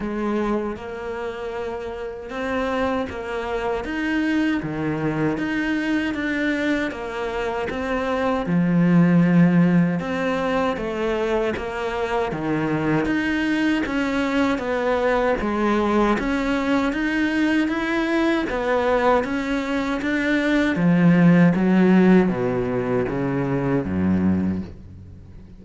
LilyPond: \new Staff \with { instrumentName = "cello" } { \time 4/4 \tempo 4 = 78 gis4 ais2 c'4 | ais4 dis'4 dis4 dis'4 | d'4 ais4 c'4 f4~ | f4 c'4 a4 ais4 |
dis4 dis'4 cis'4 b4 | gis4 cis'4 dis'4 e'4 | b4 cis'4 d'4 f4 | fis4 b,4 cis4 fis,4 | }